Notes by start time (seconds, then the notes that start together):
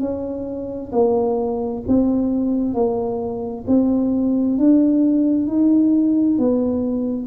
0.00 C#4
0.92 A#3
1.87 C4
2.74 A#3
3.67 C4
4.58 D4
5.47 D#4
6.38 B3